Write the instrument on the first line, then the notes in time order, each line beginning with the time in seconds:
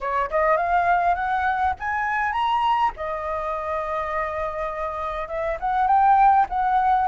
flute
0.00 C#5
0.30 D#5
0.56 F5
1.15 F#5
1.79 G#5
2.32 A#5
2.96 D#5
5.28 E5
5.60 F#5
5.87 G5
6.49 F#5